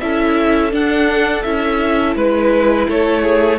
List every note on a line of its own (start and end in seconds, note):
0.00 0.73 C#4
0.00 0.71 E4
0.00 2.17 A4
0.00 0.71 E5
0.71 1.43 D4
0.71 1.44 D4
0.71 1.43 F#5
1.43 2.16 C#4
1.43 3.59 E4
1.43 2.14 E5
2.16 2.87 G#3
2.16 2.88 B4
2.88 3.59 A3
2.88 3.23 A4
2.88 3.59 C#5
3.23 3.59 G#4